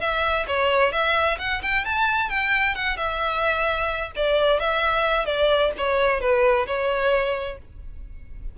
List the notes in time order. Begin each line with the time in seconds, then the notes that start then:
0.00 E5
0.47 C#5
0.92 E5
1.39 F#5
1.62 G5
1.85 A5
2.29 G5
2.75 F#5
2.97 E5
4.16 D5
4.59 E5
5.25 D5
5.77 C#5
6.20 B4
6.67 C#5